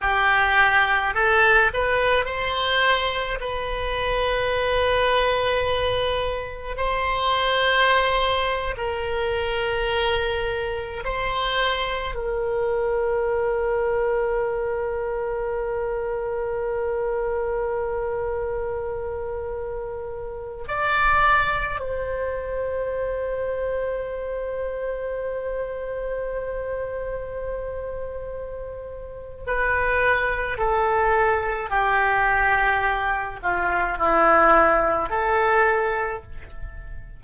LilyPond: \new Staff \with { instrumentName = "oboe" } { \time 4/4 \tempo 4 = 53 g'4 a'8 b'8 c''4 b'4~ | b'2 c''4.~ c''16 ais'16~ | ais'4.~ ais'16 c''4 ais'4~ ais'16~ | ais'1~ |
ais'2~ ais'16 d''4 c''8.~ | c''1~ | c''2 b'4 a'4 | g'4. f'8 e'4 a'4 | }